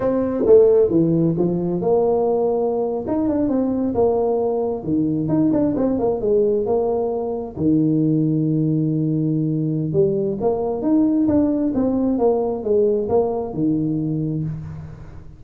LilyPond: \new Staff \with { instrumentName = "tuba" } { \time 4/4 \tempo 4 = 133 c'4 a4 e4 f4 | ais2~ ais8. dis'8 d'8 c'16~ | c'8. ais2 dis4 dis'16~ | dis'16 d'8 c'8 ais8 gis4 ais4~ ais16~ |
ais8. dis2.~ dis16~ | dis2 g4 ais4 | dis'4 d'4 c'4 ais4 | gis4 ais4 dis2 | }